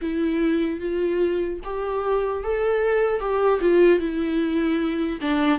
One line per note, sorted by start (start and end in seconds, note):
0.01 0.80 E4
0.80 1.60 F4
1.64 2.43 G4
2.43 3.20 A4
3.20 3.60 G4
3.60 3.99 F4
3.99 5.19 E4
5.21 5.59 D4